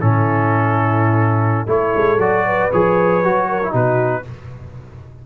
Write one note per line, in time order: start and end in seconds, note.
0.00 1.66 A2
0.00 1.67 C#4
0.00 1.67 E4
0.00 1.67 A4
1.66 1.92 A3
1.66 2.18 E4
1.66 2.45 A4
1.66 2.20 C#5
1.95 2.18 G#3
2.18 2.69 F#3
2.18 2.71 F#4
2.18 2.71 D5
2.45 3.48 B4
2.72 3.24 F3
2.72 3.24 G#4
2.72 3.74 C#5
3.24 3.73 F#3
3.24 3.62 F#4
3.48 3.71 A#4
3.63 3.71 E4
3.71 4.24 B2
3.71 4.22 D#4
3.71 4.22 F#4
3.71 4.26 B4